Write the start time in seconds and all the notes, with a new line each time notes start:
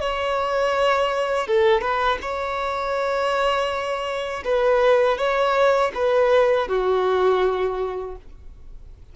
0.00 C#5
1.47 A4
1.81 B4
2.21 C#5
4.44 B4
5.18 C#5
5.94 B4
6.68 F#4